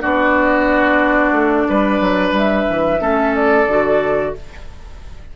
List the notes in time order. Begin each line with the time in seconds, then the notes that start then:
0.00 B3 D4 F#4 D5
1.32 A3
1.69 G3 B4
2.00 F#3
2.31 G3 E5
2.69 E3
2.99 A3 C#4 A4
3.35 D5
3.66 D3 F#4